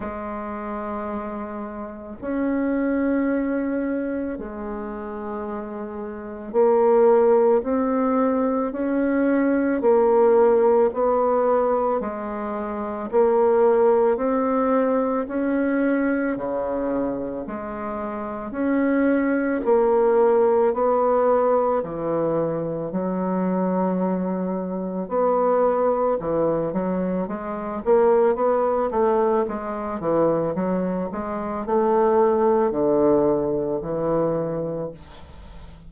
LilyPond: \new Staff \with { instrumentName = "bassoon" } { \time 4/4 \tempo 4 = 55 gis2 cis'2 | gis2 ais4 c'4 | cis'4 ais4 b4 gis4 | ais4 c'4 cis'4 cis4 |
gis4 cis'4 ais4 b4 | e4 fis2 b4 | e8 fis8 gis8 ais8 b8 a8 gis8 e8 | fis8 gis8 a4 d4 e4 | }